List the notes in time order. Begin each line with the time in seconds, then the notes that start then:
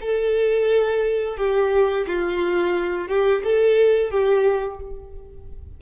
0.00 A4
1.37 G4
2.07 F4
3.08 G4
3.44 A4
4.10 G4